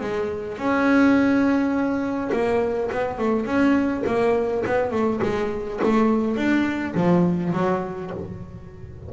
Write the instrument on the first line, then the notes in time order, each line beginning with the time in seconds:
double bass
0.00 G#3
0.57 C#4
2.32 A#3
2.92 B3
3.18 A3
3.45 C#4
4.06 A#3
4.66 B3
4.91 A3
5.22 G#3
5.83 A3
6.36 D4
6.94 F3
7.53 F#3